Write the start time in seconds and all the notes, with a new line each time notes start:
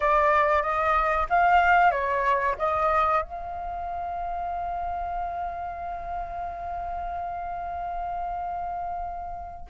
0.00 D5
0.62 D#5
1.29 F5
1.91 C#5
2.58 D#5
3.22 F5